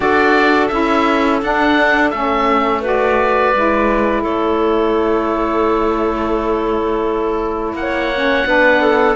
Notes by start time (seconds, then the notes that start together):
0.00 D4 F#4 A4 D5
0.67 C#4 E4 E5
1.41 D4 F#5
2.10 A3 C#4 E5
2.81 F#4 B4
2.87 D5
3.54 G#3 E4
4.22 A3 A4 C#5
7.73 A#3 F#5
7.81 C#5
8.14 C#4
8.46 B3 D4 B4
8.81 A4